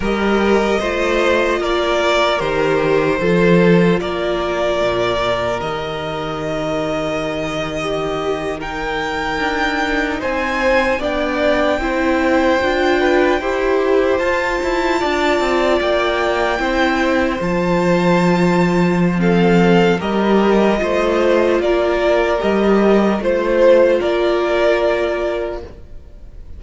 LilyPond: <<
  \new Staff \with { instrumentName = "violin" } { \time 4/4 \tempo 4 = 75 dis''2 d''4 c''4~ | c''4 d''2 dis''4~ | dis''2~ dis''8. g''4~ g''16~ | g''8. gis''4 g''2~ g''16~ |
g''4.~ g''16 a''2 g''16~ | g''4.~ g''16 a''2~ a''16 | f''4 dis''2 d''4 | dis''4 c''4 d''2 | }
  \new Staff \with { instrumentName = "violin" } { \time 4/4 ais'4 c''4 ais'2 | a'4 ais'2.~ | ais'4.~ ais'16 g'4 ais'4~ ais'16~ | ais'8. c''4 d''4 c''4~ c''16~ |
c''16 b'8 c''2 d''4~ d''16~ | d''8. c''2.~ c''16 | a'4 ais'4 c''4 ais'4~ | ais'4 c''4 ais'2 | }
  \new Staff \with { instrumentName = "viola" } { \time 4/4 g'4 f'2 g'4 | f'2. g'4~ | g'2~ g'8. dis'4~ dis'16~ | dis'4.~ dis'16 d'4 e'4 f'16~ |
f'8. g'4 f'2~ f'16~ | f'8. e'4 f'2~ f'16 | c'4 g'4 f'2 | g'4 f'2. | }
  \new Staff \with { instrumentName = "cello" } { \time 4/4 g4 a4 ais4 dis4 | f4 ais4 ais,4 dis4~ | dis2.~ dis8. d'16~ | d'8. c'4 b4 c'4 d'16~ |
d'8. e'4 f'8 e'8 d'8 c'8 ais16~ | ais8. c'4 f2~ f16~ | f4 g4 a4 ais4 | g4 a4 ais2 | }
>>